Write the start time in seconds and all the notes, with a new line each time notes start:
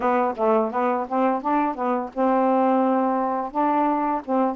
0.00 B3
0.36 A3
0.71 B3
1.08 C4
1.41 D4
1.74 B3
2.13 C4
3.51 D4
4.24 C4